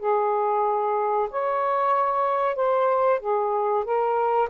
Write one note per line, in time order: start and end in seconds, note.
0.00 1.29 G#4
1.30 2.56 C#5
2.56 3.20 C5
3.20 3.84 G#4
3.85 4.49 A#4